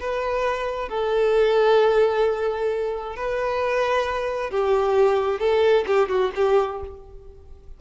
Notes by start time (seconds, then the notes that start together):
0.00 B4
0.89 A4
3.16 B4
4.51 G4
5.40 A4
5.87 G4
6.09 F#4
6.35 G4